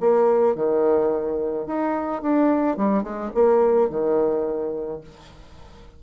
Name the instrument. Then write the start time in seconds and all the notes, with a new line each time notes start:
bassoon
0.00 A#3
0.55 D#3
1.66 D#4
2.22 D4
2.77 G3
3.03 G#3
3.34 A#3
3.90 D#3